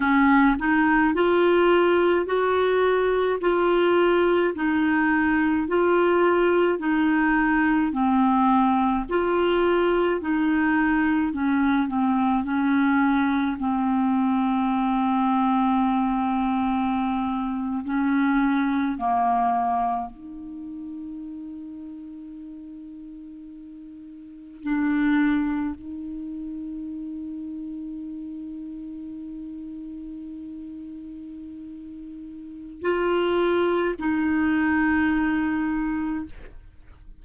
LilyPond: \new Staff \with { instrumentName = "clarinet" } { \time 4/4 \tempo 4 = 53 cis'8 dis'8 f'4 fis'4 f'4 | dis'4 f'4 dis'4 c'4 | f'4 dis'4 cis'8 c'8 cis'4 | c'2.~ c'8. cis'16~ |
cis'8. ais4 dis'2~ dis'16~ | dis'4.~ dis'16 d'4 dis'4~ dis'16~ | dis'1~ | dis'4 f'4 dis'2 | }